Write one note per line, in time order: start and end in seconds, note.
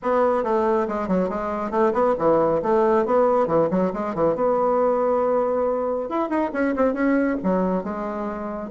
0.02 0.43 B3
0.43 0.87 A3
0.88 1.08 G#3
1.08 1.29 F#3
1.29 1.71 G#3
1.71 1.92 A3
1.93 2.14 B3
2.18 2.62 E3
2.62 3.05 A3
3.05 3.47 B3
3.47 3.69 E3
3.70 3.92 F#3
3.93 4.14 G#3
4.14 4.35 E3
4.35 6.09 B3
6.09 6.29 E4
6.29 6.51 D#4
6.53 6.75 C#4
6.75 6.93 C4
6.93 7.37 C#4
7.43 7.83 F#3
7.83 8.70 G#3